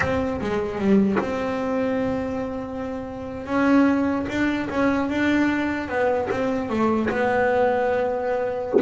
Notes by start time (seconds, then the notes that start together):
0.00 C4
0.41 G#3
0.79 G3
1.19 C4
3.46 C#4
4.29 D4
4.70 C#4
5.09 D4
5.88 B3
6.30 C4
6.69 A3
7.09 B3